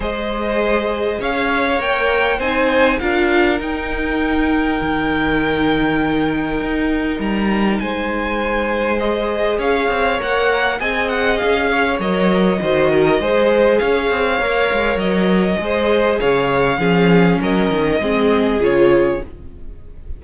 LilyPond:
<<
  \new Staff \with { instrumentName = "violin" } { \time 4/4 \tempo 4 = 100 dis''2 f''4 g''4 | gis''4 f''4 g''2~ | g''1 | ais''4 gis''2 dis''4 |
f''4 fis''4 gis''8 fis''8 f''4 | dis''2. f''4~ | f''4 dis''2 f''4~ | f''4 dis''2 cis''4 | }
  \new Staff \with { instrumentName = "violin" } { \time 4/4 c''2 cis''2 | c''4 ais'2.~ | ais'1~ | ais'4 c''2. |
cis''2 dis''4. cis''8~ | cis''4 c''8 ais'8 c''4 cis''4~ | cis''2 c''4 cis''4 | gis'4 ais'4 gis'2 | }
  \new Staff \with { instrumentName = "viola" } { \time 4/4 gis'2. ais'4 | dis'4 f'4 dis'2~ | dis'1~ | dis'2. gis'4~ |
gis'4 ais'4 gis'2 | ais'4 fis'4 gis'2 | ais'2 gis'2 | cis'2 c'4 f'4 | }
  \new Staff \with { instrumentName = "cello" } { \time 4/4 gis2 cis'4 ais4 | c'4 d'4 dis'2 | dis2. dis'4 | g4 gis2. |
cis'8 c'8 ais4 c'4 cis'4 | fis4 dis4 gis4 cis'8 c'8 | ais8 gis8 fis4 gis4 cis4 | f4 fis8 dis8 gis4 cis4 | }
>>